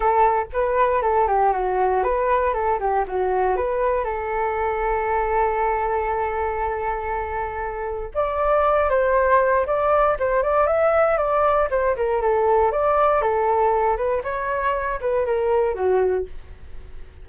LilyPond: \new Staff \with { instrumentName = "flute" } { \time 4/4 \tempo 4 = 118 a'4 b'4 a'8 g'8 fis'4 | b'4 a'8 g'8 fis'4 b'4 | a'1~ | a'1 |
d''4. c''4. d''4 | c''8 d''8 e''4 d''4 c''8 ais'8 | a'4 d''4 a'4. b'8 | cis''4. b'8 ais'4 fis'4 | }